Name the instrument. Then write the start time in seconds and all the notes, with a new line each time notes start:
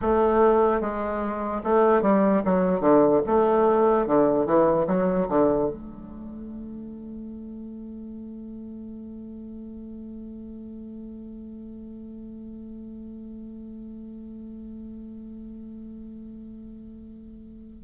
bassoon
0.01 A3
0.80 G#3
1.63 A3
2.02 G3
2.45 F#3
2.80 D3
3.26 A3
4.06 D3
4.46 E3
4.86 F#3
5.29 D3
5.69 A3